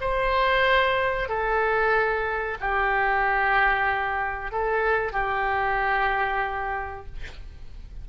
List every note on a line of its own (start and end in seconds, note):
0.00 1.28 C5
1.28 2.57 A4
2.60 4.51 G4
4.51 5.12 A4
5.12 7.05 G4